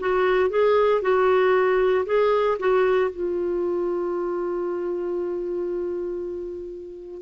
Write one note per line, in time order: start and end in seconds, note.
0.00 0.50 F#4
0.50 1.02 G#4
1.02 2.05 F#4
2.06 2.58 G#4
2.60 3.11 F#4
3.11 7.22 F4